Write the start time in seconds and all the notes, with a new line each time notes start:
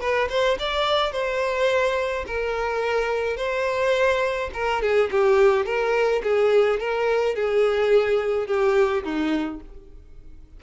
0.00 B4
0.29 C5
0.59 D5
1.12 C5
2.26 A#4
3.37 C5
4.54 A#4
4.82 G#4
5.11 G4
5.65 A#4
6.23 G#4
6.80 A#4
7.35 G#4
8.47 G4
9.04 D#4